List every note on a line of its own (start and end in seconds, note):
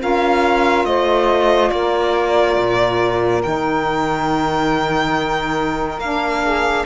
0.00 0.85 C#4
0.00 3.43 F4
0.00 0.87 A#4
0.00 0.86 F5
0.85 1.71 A3
0.85 1.73 C5
0.85 1.71 D#5
1.71 2.58 A#3
1.71 6.44 A#4
1.71 3.42 D5
2.58 3.44 A#2
3.43 5.99 D#3
3.43 6.00 D#4
3.43 6.00 G5
5.99 6.84 A#3
5.99 6.87 D4
5.99 6.86 F5
6.44 6.86 G#4